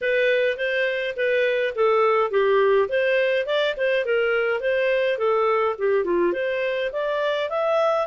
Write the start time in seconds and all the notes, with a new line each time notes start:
0.01 B4
0.57 C5
1.16 B4
1.75 A4
2.30 G4
2.88 C5
3.46 D5
3.76 C5
4.05 A#4
4.60 C5
5.17 A4
5.78 G4
6.04 F4
6.32 C5
6.92 D5
7.49 E5